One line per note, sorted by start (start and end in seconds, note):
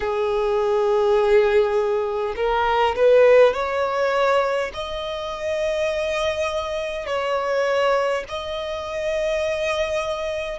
0.00 2.34 G#4
2.36 2.95 A#4
2.95 3.53 B4
3.53 4.71 C#5
4.73 7.06 D#5
7.06 8.24 C#5
8.28 10.59 D#5